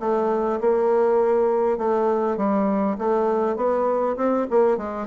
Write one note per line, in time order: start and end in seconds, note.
0.00 0.60 A3
0.61 1.78 A#3
1.78 2.38 A3
2.38 2.98 G3
2.99 3.56 A3
3.56 4.16 B3
4.17 4.47 C4
4.51 4.78 A#3
4.78 5.08 G#3